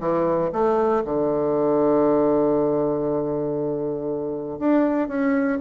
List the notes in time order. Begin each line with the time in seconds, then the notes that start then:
0.00 E3
0.52 A3
1.05 D3
4.59 D4
5.08 C#4